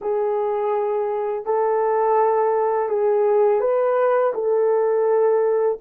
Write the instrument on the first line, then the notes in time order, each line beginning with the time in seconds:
horn
0.01 G#4
1.45 A4
2.88 G#4
3.60 B4
4.34 A4